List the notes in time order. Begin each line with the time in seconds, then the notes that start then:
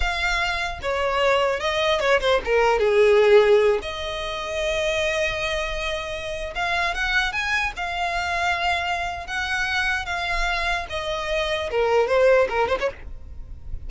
0.00 F5
0.82 C#5
1.60 D#5
2.00 C#5
2.20 C5
2.44 A#4
2.79 G#4
3.82 D#5
6.55 F5
6.94 F#5
7.32 G#5
7.76 F5
9.27 F#5
10.05 F5
10.89 D#5
11.71 A#4
12.07 C5
12.49 A#4
12.68 C5
12.80 C#5